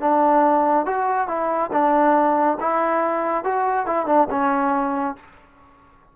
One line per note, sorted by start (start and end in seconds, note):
0.00 0.86 D4
0.86 1.27 F#4
1.27 1.70 E4
1.72 2.58 D4
2.60 3.44 E4
3.44 3.86 F#4
3.86 4.06 E4
4.06 4.27 D4
4.30 5.16 C#4